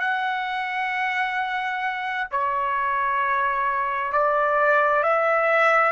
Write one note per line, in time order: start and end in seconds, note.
0.00 2.27 F#5
2.31 4.12 C#5
4.12 5.03 D5
5.03 5.92 E5